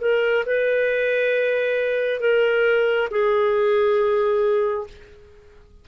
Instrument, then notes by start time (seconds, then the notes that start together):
clarinet
0.00 A#4
0.45 B4
2.20 A#4
3.10 G#4